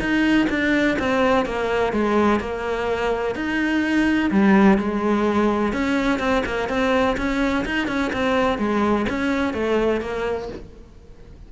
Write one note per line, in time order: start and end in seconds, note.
0.00 0.48 D#4
0.50 0.98 D4
0.99 1.46 C4
1.46 1.93 A#3
1.93 2.40 G#3
2.40 3.35 A#3
3.35 4.31 D#4
4.31 4.78 G3
4.78 5.73 G#3
5.73 6.20 C#4
6.20 6.44 C4
6.46 6.69 A#3
6.69 7.17 C4
7.18 7.65 C#4
7.66 7.88 D#4
7.88 8.12 C#4
8.13 8.59 C4
8.59 9.06 G#3
9.10 9.54 C#4
9.54 10.01 A3
10.01 10.49 A#3